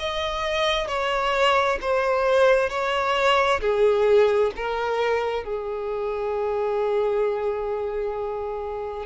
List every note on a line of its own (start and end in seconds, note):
0.00 0.88 D#5
0.88 1.79 C#5
1.82 2.70 C5
2.70 3.61 C#5
3.61 4.52 G#4
4.57 5.44 A#4
5.44 9.06 G#4